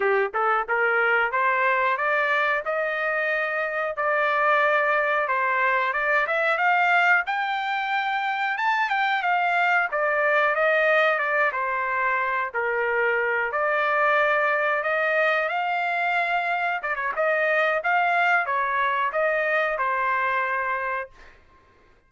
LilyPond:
\new Staff \with { instrumentName = "trumpet" } { \time 4/4 \tempo 4 = 91 g'8 a'8 ais'4 c''4 d''4 | dis''2 d''2 | c''4 d''8 e''8 f''4 g''4~ | g''4 a''8 g''8 f''4 d''4 |
dis''4 d''8 c''4. ais'4~ | ais'8 d''2 dis''4 f''8~ | f''4. d''16 cis''16 dis''4 f''4 | cis''4 dis''4 c''2 | }